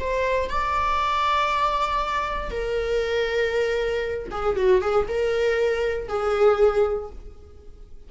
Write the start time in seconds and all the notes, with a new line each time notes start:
0.00 C5
0.50 D5
2.51 A#4
4.31 G#4
4.57 F#4
4.82 G#4
5.09 A#4
6.09 G#4